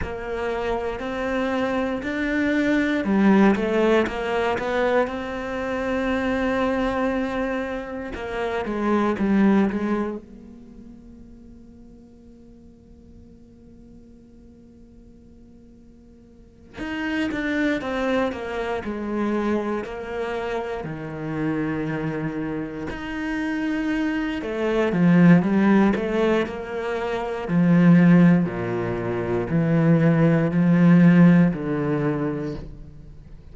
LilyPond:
\new Staff \with { instrumentName = "cello" } { \time 4/4 \tempo 4 = 59 ais4 c'4 d'4 g8 a8 | ais8 b8 c'2. | ais8 gis8 g8 gis8 ais2~ | ais1~ |
ais8 dis'8 d'8 c'8 ais8 gis4 ais8~ | ais8 dis2 dis'4. | a8 f8 g8 a8 ais4 f4 | ais,4 e4 f4 d4 | }